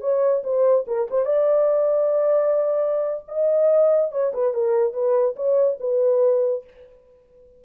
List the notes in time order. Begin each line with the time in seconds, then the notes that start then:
0.00 C#5
0.43 C5
0.87 A#4
1.10 C5
1.25 D5
3.28 D#5
4.11 C#5
4.33 B4
4.54 A#4
4.93 B4
5.36 C#5
5.80 B4